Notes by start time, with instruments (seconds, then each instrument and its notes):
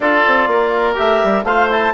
0.00 bassoon D4, trombone F4, oboe A4, clarinet D5
0.26 bassoon C4
0.47 bassoon A#3, oboe A#4
0.94 bassoon A3, trombone G4, clarinet E5
1.23 bassoon G3
1.44 bassoon A3, trombone F4, oboe C5, clarinet F5
1.70 trombone E4, clarinet A5